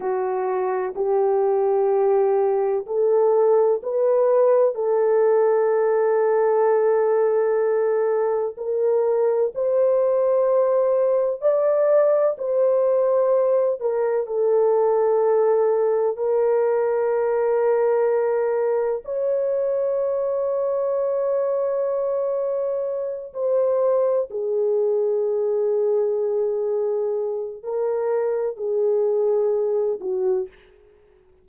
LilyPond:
\new Staff \with { instrumentName = "horn" } { \time 4/4 \tempo 4 = 63 fis'4 g'2 a'4 | b'4 a'2.~ | a'4 ais'4 c''2 | d''4 c''4. ais'8 a'4~ |
a'4 ais'2. | cis''1~ | cis''8 c''4 gis'2~ gis'8~ | gis'4 ais'4 gis'4. fis'8 | }